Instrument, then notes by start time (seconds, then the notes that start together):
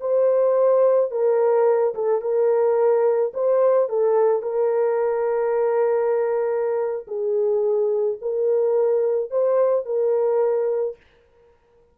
horn
0.00 C5
1.11 A#4
1.94 A4
2.21 A#4
3.34 C5
3.89 A4
4.42 A#4
7.07 G#4
8.21 A#4
9.31 C5
9.85 A#4